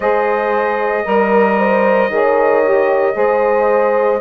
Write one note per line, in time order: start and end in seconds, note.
0.00 1.04 G#3
0.00 1.04 G#4
0.00 1.05 C5
0.00 4.21 D#5
1.04 2.09 G3
1.04 2.09 A#4
1.04 1.58 A#4
1.58 2.11 C5
2.09 3.14 D#3
2.09 2.63 G#4
2.09 3.16 C#5
2.63 3.13 G4
3.13 4.21 G#3
3.13 4.18 G#4
3.13 4.21 C5